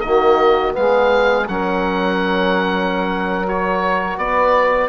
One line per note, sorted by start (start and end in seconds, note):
0.00 0.76 D#3
0.00 0.72 A#3
0.00 0.76 F#4
0.00 0.72 D#5
0.72 1.48 G#3
0.72 1.44 B3
0.72 1.48 G#4
0.72 1.48 F5
1.48 4.17 F#3
1.48 3.47 C#4
1.48 4.19 A#4
1.48 3.47 F#5
3.47 4.89 F#4
3.47 4.18 C#5
4.17 4.89 B3
4.17 4.89 B4
4.17 4.89 D5